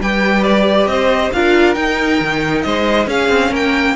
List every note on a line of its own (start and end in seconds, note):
0.00 0.86 G3
0.00 1.34 G4
0.00 0.90 B4
0.00 0.43 G5
0.43 0.87 D5
0.86 1.30 C4
0.86 1.34 C5
0.86 1.31 D#5
1.32 1.75 D4
1.32 1.74 F4
1.32 2.65 A#4
1.32 1.74 F5
1.74 3.06 D#4
1.74 2.20 D#4
1.74 2.62 G5
2.20 2.64 D#3
2.62 3.07 G#3
2.62 3.08 C5
2.62 3.06 D#5
3.07 3.28 C#4
3.07 3.96 C#4
3.07 3.50 G#4
3.07 3.53 F5
3.28 3.50 C4
3.50 3.95 A#3
3.50 3.94 A#4
3.50 3.96 G5